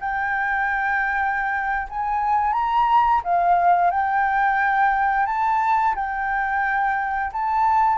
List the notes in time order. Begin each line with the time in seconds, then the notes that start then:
0.00 G5
1.89 G#5
2.53 A#5
3.23 F5
3.90 G5
5.26 A5
5.95 G5
7.32 A5